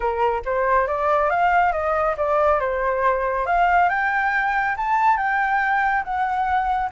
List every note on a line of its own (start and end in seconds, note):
0.00 0.42 A#4
0.45 0.87 C5
0.87 1.29 D5
1.29 1.72 F5
1.72 2.15 D#5
2.17 2.60 D5
2.60 3.46 C5
3.46 3.89 F5
3.89 4.75 G5
4.77 5.17 A5
5.17 6.03 G5
6.03 6.90 F#5